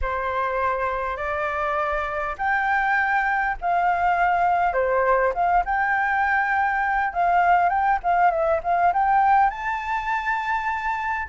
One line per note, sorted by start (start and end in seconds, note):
0.01 1.17 C5
1.17 2.35 D5
2.38 3.56 G5
3.61 4.73 F5
4.73 5.32 C5
5.34 5.64 F5
5.65 7.13 G5
7.13 7.69 F5
7.69 7.99 G5
8.03 8.30 F5
8.30 8.60 E5
8.63 8.92 F5
8.93 9.50 G5
9.50 11.28 A5